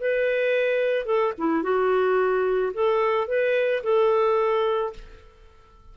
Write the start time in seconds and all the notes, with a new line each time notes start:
0.00 B4
1.06 A4
1.38 E4
1.63 F#4
2.73 A4
3.28 B4
3.83 A4